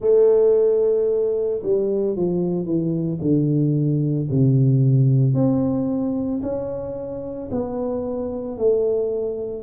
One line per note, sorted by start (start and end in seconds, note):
0.00 1.61 A3
1.63 2.15 G3
2.15 2.65 F3
2.65 3.19 E3
3.21 4.28 D3
4.30 5.34 C3
5.34 6.41 C4
6.42 7.49 C#4
7.50 8.57 B3
8.57 9.62 A3